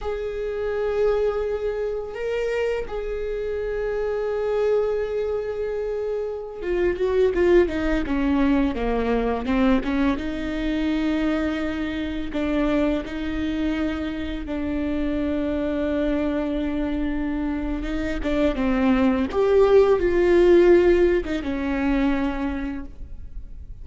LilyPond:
\new Staff \with { instrumentName = "viola" } { \time 4/4 \tempo 4 = 84 gis'2. ais'4 | gis'1~ | gis'4~ gis'16 f'8 fis'8 f'8 dis'8 cis'8.~ | cis'16 ais4 c'8 cis'8 dis'4.~ dis'16~ |
dis'4~ dis'16 d'4 dis'4.~ dis'16~ | dis'16 d'2.~ d'8.~ | d'4 dis'8 d'8 c'4 g'4 | f'4.~ f'16 dis'16 cis'2 | }